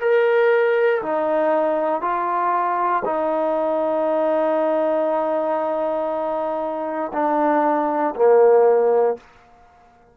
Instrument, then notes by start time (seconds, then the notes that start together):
trombone
0.00 A#4
1.02 D#4
2.01 F4
3.05 D#4
7.12 D4
8.15 A#3